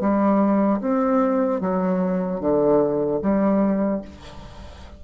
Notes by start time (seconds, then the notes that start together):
0.00 G3
0.80 C4
1.60 F#3
2.40 D3
3.21 G3